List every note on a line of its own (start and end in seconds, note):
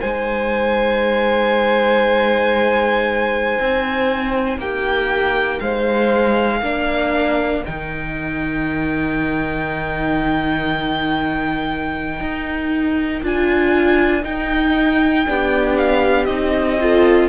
0.00 3.58 G#3
0.00 6.61 D#4
0.00 4.58 C5
0.00 4.58 G#5
3.59 4.57 C4
4.57 5.59 A#3
4.57 5.61 G4
4.57 5.60 G5
5.60 6.61 G#3
5.60 6.58 C5
5.60 7.63 F5
6.58 7.63 A#3
6.58 7.64 D4
6.58 15.23 A#4
7.65 12.20 D#3
7.65 13.23 D#4
7.65 13.25 G5
12.20 13.21 D#4
13.22 14.24 D4
13.22 14.22 F4
13.22 14.24 G#5
14.22 15.24 D#4
14.22 15.26 D#4
14.22 15.76 G5
15.26 16.27 B3
15.26 16.28 D4
15.26 16.80 G4
15.77 16.25 F5
16.25 17.28 C4
16.25 16.78 D#4
16.25 17.27 D#5
16.80 17.28 F4
16.80 17.28 A4